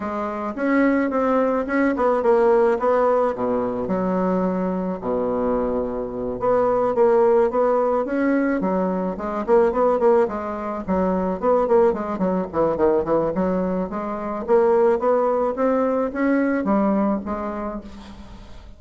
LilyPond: \new Staff \with { instrumentName = "bassoon" } { \time 4/4 \tempo 4 = 108 gis4 cis'4 c'4 cis'8 b8 | ais4 b4 b,4 fis4~ | fis4 b,2~ b,8 b8~ | b8 ais4 b4 cis'4 fis8~ |
fis8 gis8 ais8 b8 ais8 gis4 fis8~ | fis8 b8 ais8 gis8 fis8 e8 dis8 e8 | fis4 gis4 ais4 b4 | c'4 cis'4 g4 gis4 | }